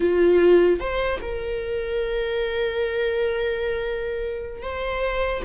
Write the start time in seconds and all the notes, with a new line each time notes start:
0.00 F4
0.79 C5
1.21 A#4
4.62 C5